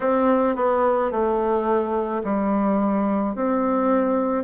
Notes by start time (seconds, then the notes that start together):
0.00 C4
0.55 B3
1.11 A3
2.24 G3
3.35 C4